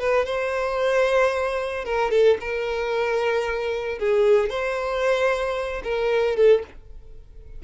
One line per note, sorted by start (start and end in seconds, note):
0.00 0.26 B4
0.26 1.85 C5
1.85 2.11 A#4
2.11 2.38 A4
2.40 3.99 A#4
3.99 4.50 G#4
4.50 5.82 C5
5.84 6.37 A#4
6.37 6.63 A4